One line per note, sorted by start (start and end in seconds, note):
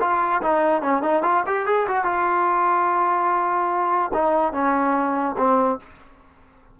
0.00 0.41 F4
0.42 0.82 D#4
0.82 1.02 C#4
1.02 1.22 D#4
1.22 1.43 F4
1.46 1.66 G4
1.66 1.86 G#4
1.87 2.04 F#4
2.04 4.11 F4
4.13 4.53 D#4
4.53 5.35 C#4
5.37 5.79 C4